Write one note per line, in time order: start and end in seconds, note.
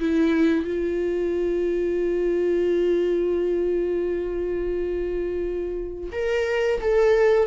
0.00 0.65 E4
0.65 6.11 F4
6.12 6.81 A#4
6.81 7.47 A4